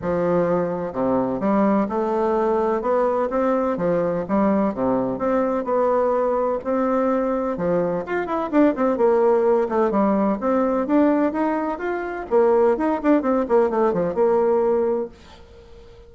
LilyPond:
\new Staff \with { instrumentName = "bassoon" } { \time 4/4 \tempo 4 = 127 f2 c4 g4 | a2 b4 c'4 | f4 g4 c4 c'4 | b2 c'2 |
f4 f'8 e'8 d'8 c'8 ais4~ | ais8 a8 g4 c'4 d'4 | dis'4 f'4 ais4 dis'8 d'8 | c'8 ais8 a8 f8 ais2 | }